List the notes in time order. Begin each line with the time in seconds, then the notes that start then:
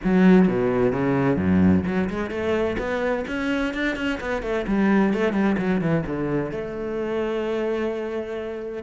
0.03 F#3
0.48 B2
0.92 C#3
1.36 F#2
1.85 F#3
2.09 G#3
2.30 A3
2.78 B3
3.27 C#4
3.74 D4
3.95 C#4
4.20 B3
4.42 A3
4.67 G3
5.13 A3
5.32 G3
5.58 F#3
5.81 E3
6.06 D3
6.51 A3